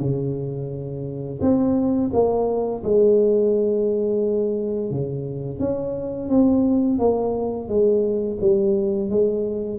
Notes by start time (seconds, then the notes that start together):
0.00 C#3
1.41 C4
2.13 A#3
2.84 G#3
4.91 C#3
5.59 C#4
6.29 C4
6.99 A#3
7.68 G#3
8.41 G3
9.10 G#3